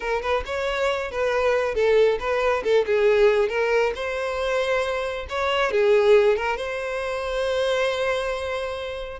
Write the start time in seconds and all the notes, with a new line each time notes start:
0.00 A#4
0.21 B4
0.45 C#5
1.11 B4
1.74 A4
2.19 B4
2.63 A4
2.86 G#4
3.48 A#4
3.95 C5
5.29 C#5
5.71 G#4
6.36 A#4
6.57 C5